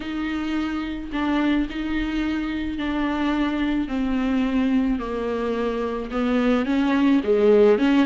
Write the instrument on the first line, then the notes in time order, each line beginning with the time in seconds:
viola
0.00 D#4
1.12 D4
1.69 D#4
2.78 D4
3.88 C4
4.99 A#3
6.11 B3
6.65 C#4
7.23 G#3
7.78 C#4